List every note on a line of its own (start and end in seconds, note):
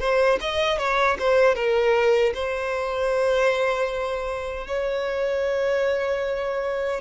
0.00 0.39 C5
0.40 0.78 D#5
0.78 1.17 C#5
1.19 1.55 C5
1.55 2.33 A#4
2.34 4.67 C5
4.67 7.01 C#5